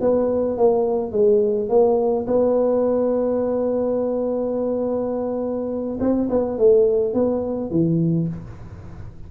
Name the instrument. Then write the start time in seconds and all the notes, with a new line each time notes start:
tuba
0.00 B3
0.57 A#3
1.11 G#3
1.69 A#3
2.27 B3
6.00 C4
6.29 B3
6.58 A3
7.14 B3
7.70 E3